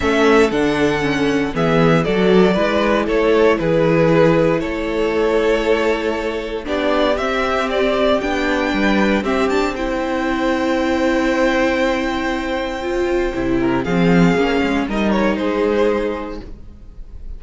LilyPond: <<
  \new Staff \with { instrumentName = "violin" } { \time 4/4 \tempo 4 = 117 e''4 fis''2 e''4 | d''2 cis''4 b'4~ | b'4 cis''2.~ | cis''4 d''4 e''4 d''4 |
g''2 e''8 a''8 g''4~ | g''1~ | g''2. f''4~ | f''4 dis''8 cis''8 c''2 | }
  \new Staff \with { instrumentName = "violin" } { \time 4/4 a'2. gis'4 | a'4 b'4 a'4 gis'4~ | gis'4 a'2.~ | a'4 g'2.~ |
g'4 b'4 g'4 c''4~ | c''1~ | c''2~ c''8 ais'8 gis'4~ | gis'4 ais'4 gis'2 | }
  \new Staff \with { instrumentName = "viola" } { \time 4/4 cis'4 d'4 cis'4 b4 | fis'4 e'2.~ | e'1~ | e'4 d'4 c'2 |
d'2 c'8 d'8 e'4~ | e'1~ | e'4 f'4 e'4 c'4 | cis'4 dis'2. | }
  \new Staff \with { instrumentName = "cello" } { \time 4/4 a4 d2 e4 | fis4 gis4 a4 e4~ | e4 a2.~ | a4 b4 c'2 |
b4 g4 c'2~ | c'1~ | c'2 c4 f4 | ais8 gis8 g4 gis2 | }
>>